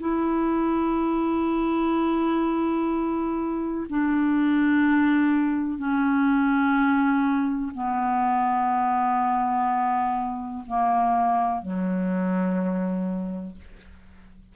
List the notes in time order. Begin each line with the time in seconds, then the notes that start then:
0.00 E4
3.89 D4
5.78 C#4
7.75 B3
10.67 A#3
11.62 F#3